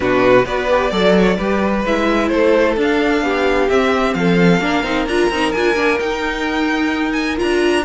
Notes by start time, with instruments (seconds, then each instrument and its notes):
0.00 cello B2, viola D4, violin F#4 B4
0.45 cello B3, viola F#4, violin B4 D5
0.69 viola G4
0.90 cello F#3, viola A4, violin D5
1.18 violin C#5
1.36 cello G3, viola G4, violin B4
1.85 cello G#3, viola E4, violin E5
2.28 cello A3, violin A4 C5
2.76 cello D4, viola D4, violin F5
3.22 cello B3, violin G4
3.69 viola C4, cello C4, violin E5
4.14 cello F3, violin A4 F5
4.60 cello A#3, viola D4, violin A#4
4.83 cello C4, viola D#4
5.06 cello D4, viola F4, violin A#5
5.29 cello C4, viola D#4
5.51 cello D4, viola F4, violin G#5
5.75 cello A#3, viola D4
5.99 cello D#4, viola D#4, violin G5
7.12 violin G#5
7.36 cello D4, viola F4, violin A#5